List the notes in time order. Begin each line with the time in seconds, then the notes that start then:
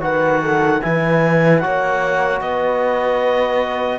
0.00 D#3 F#4 B4 F#5
0.41 A4
0.82 E3 E4 B4 G#5
1.59 F#4 C#5 F#5
1.65 A#3
2.40 B3 B4 D#5